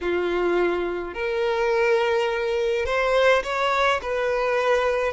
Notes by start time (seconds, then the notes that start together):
0.00 F4
1.14 A#4
2.85 C5
3.43 C#5
4.02 B4